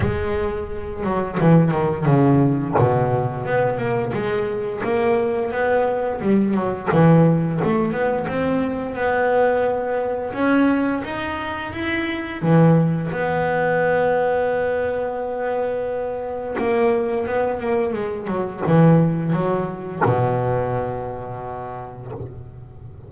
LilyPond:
\new Staff \with { instrumentName = "double bass" } { \time 4/4 \tempo 4 = 87 gis4. fis8 e8 dis8 cis4 | b,4 b8 ais8 gis4 ais4 | b4 g8 fis8 e4 a8 b8 | c'4 b2 cis'4 |
dis'4 e'4 e4 b4~ | b1 | ais4 b8 ais8 gis8 fis8 e4 | fis4 b,2. | }